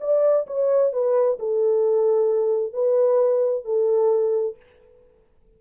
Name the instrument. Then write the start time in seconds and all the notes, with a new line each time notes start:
horn
0.00 D5
0.47 C#5
0.92 B4
1.39 A4
2.73 B4
3.65 A4